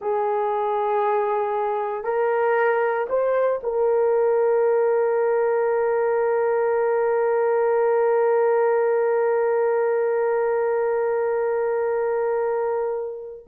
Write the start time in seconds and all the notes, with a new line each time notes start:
0.01 G#4
2.04 A#4
3.08 C5
3.63 A#4